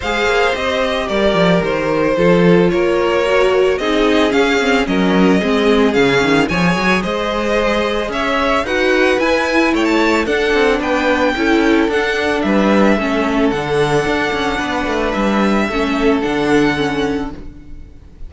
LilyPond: <<
  \new Staff \with { instrumentName = "violin" } { \time 4/4 \tempo 4 = 111 f''4 dis''4 d''4 c''4~ | c''4 cis''2 dis''4 | f''4 dis''2 f''4 | gis''4 dis''2 e''4 |
fis''4 gis''4 g''16 a''8. fis''4 | g''2 fis''4 e''4~ | e''4 fis''2. | e''2 fis''2 | }
  \new Staff \with { instrumentName = "violin" } { \time 4/4 c''2 ais'2 | a'4 ais'2 gis'4~ | gis'4 ais'4 gis'2 | cis''4 c''2 cis''4 |
b'2 cis''4 a'4 | b'4 a'2 b'4 | a'2. b'4~ | b'4 a'2. | }
  \new Staff \with { instrumentName = "viola" } { \time 4/4 gis'4 g'2. | f'2 fis'4 dis'4 | cis'8 c'8 cis'4 c'4 cis'4 | gis'1 |
fis'4 e'2 d'4~ | d'4 e'4 d'2 | cis'4 d'2.~ | d'4 cis'4 d'4 cis'4 | }
  \new Staff \with { instrumentName = "cello" } { \time 4/4 gis8 ais8 c'4 g8 f8 dis4 | f4 ais2 c'4 | cis'4 fis4 gis4 cis8 dis8 | f8 fis8 gis2 cis'4 |
dis'4 e'4 a4 d'8 c'8 | b4 cis'4 d'4 g4 | a4 d4 d'8 cis'8 b8 a8 | g4 a4 d2 | }
>>